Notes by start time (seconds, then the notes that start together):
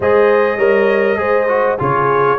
0.00 G#3 G#4 C5 D#5
0.57 G3 A#4 C#5
1.16 G#3 G#4 C5
1.48 F#4
1.78 C#3 F4 G#4 C#5